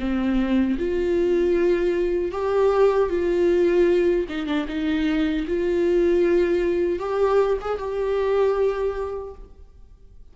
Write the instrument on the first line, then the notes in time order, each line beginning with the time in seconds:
viola
0.00 C4
0.79 F4
2.32 G4
3.10 F4
4.29 D#4
4.47 D4
4.69 D#4
5.48 F4
7.00 G4
7.62 G#4
7.79 G4